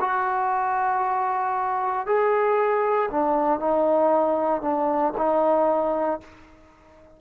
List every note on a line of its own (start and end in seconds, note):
0.00 2.06 F#4
2.06 3.10 G#4
3.11 3.60 D4
3.60 4.61 D#4
4.61 5.13 D4
5.17 6.21 D#4